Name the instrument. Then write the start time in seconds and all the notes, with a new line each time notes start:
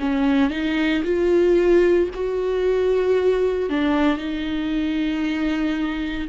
viola
0.00 C#4
0.50 D#4
1.04 F4
2.14 F#4
3.69 D4
4.17 D#4